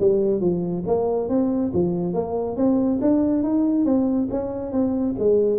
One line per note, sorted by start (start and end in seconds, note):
0.00 0.40 G3
0.40 0.83 F3
0.87 1.29 A#3
1.29 1.72 C4
1.73 2.13 F3
2.13 2.56 A#3
2.56 2.99 C4
3.01 3.43 D4
3.43 3.85 D#4
3.85 4.28 C4
4.30 4.72 C#4
4.72 5.15 C4
5.19 5.59 G#3